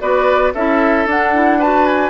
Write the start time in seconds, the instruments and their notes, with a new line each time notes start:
0.00 bassoon B3, clarinet F#4, oboe B4, flute D5
0.54 bassoon C#4, clarinet E4, oboe A4, flute E5
1.06 bassoon D4, clarinet D4, flute F#5
1.34 clarinet E4
1.59 clarinet F#4, oboe B4, flute A5
1.86 flute G#5